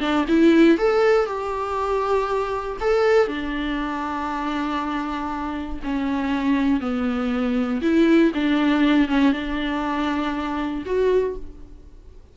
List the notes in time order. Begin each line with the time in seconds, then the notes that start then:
0.00 D4
0.28 E4
0.78 A4
1.26 G4
2.80 A4
3.28 D4
5.84 C#4
6.80 B3
7.82 E4
8.35 D4
9.08 C#4
9.33 D4
10.85 F#4